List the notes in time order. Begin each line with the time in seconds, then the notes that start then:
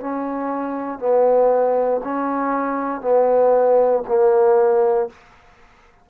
0.00 C#4
0.99 B3
2.04 C#4
3.01 B3
4.08 A#3